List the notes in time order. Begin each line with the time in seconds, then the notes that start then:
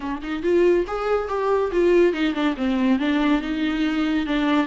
0.00 D4
0.22 D#4
0.42 F4
0.87 G#4
1.28 G4
1.71 F4
2.13 D#4
2.33 D4
2.56 C4
2.99 D4
3.41 D#4
4.26 D4